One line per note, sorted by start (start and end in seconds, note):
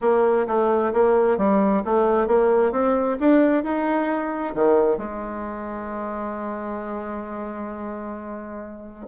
0.01 0.46 A#3
0.47 0.92 A3
0.93 1.37 A#3
1.37 1.83 G3
1.84 2.27 A3
2.27 2.72 A#3
2.72 3.17 C4
3.20 3.63 D4
3.63 4.54 D#4
4.55 4.97 D#3
4.97 9.06 G#3